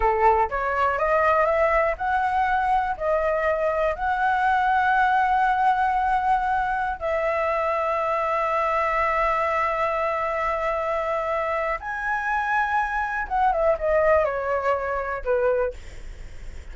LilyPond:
\new Staff \with { instrumentName = "flute" } { \time 4/4 \tempo 4 = 122 a'4 cis''4 dis''4 e''4 | fis''2 dis''2 | fis''1~ | fis''2~ fis''16 e''4.~ e''16~ |
e''1~ | e''1 | gis''2. fis''8 e''8 | dis''4 cis''2 b'4 | }